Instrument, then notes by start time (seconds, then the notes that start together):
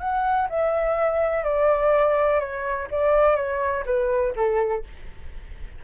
flute
0.00 F#5
0.49 E5
1.44 D5
2.40 C#5
2.91 D5
3.36 C#5
3.86 B4
4.35 A4